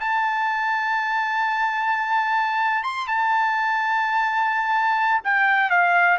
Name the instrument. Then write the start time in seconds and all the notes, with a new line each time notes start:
trumpet
0.00 A5
2.83 C6
3.07 A5
5.24 G5
5.70 F5